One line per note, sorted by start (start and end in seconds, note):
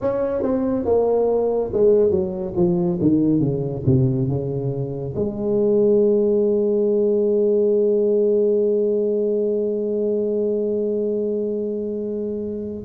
0.01 0.42 C#4
0.42 0.85 C4
0.85 1.71 A#3
1.73 2.10 G#3
2.10 2.53 F#3
2.56 2.99 F3
3.01 3.40 D#3
3.40 3.83 C#3
3.86 4.28 C3
4.28 5.14 C#3
5.15 12.85 G#3